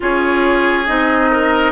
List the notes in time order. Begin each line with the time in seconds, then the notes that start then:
0.00 C#4 F4 G#4 C#5
0.86 C4 D#4 D#5
1.30 A#4